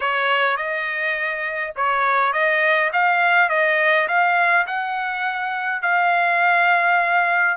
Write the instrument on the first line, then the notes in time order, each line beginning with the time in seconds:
trumpet
0.00 C#5
0.57 D#5
1.76 C#5
2.32 D#5
2.92 F5
3.49 D#5
4.08 F5
4.66 F#5
5.81 F5